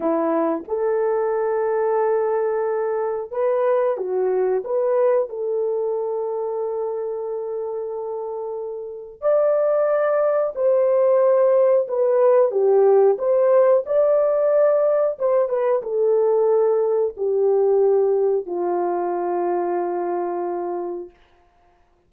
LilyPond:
\new Staff \with { instrumentName = "horn" } { \time 4/4 \tempo 4 = 91 e'4 a'2.~ | a'4 b'4 fis'4 b'4 | a'1~ | a'2 d''2 |
c''2 b'4 g'4 | c''4 d''2 c''8 b'8 | a'2 g'2 | f'1 | }